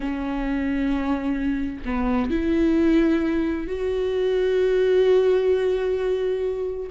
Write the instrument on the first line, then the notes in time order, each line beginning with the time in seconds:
viola
0.00 C#4
1.85 B3
2.30 E4
3.67 F#4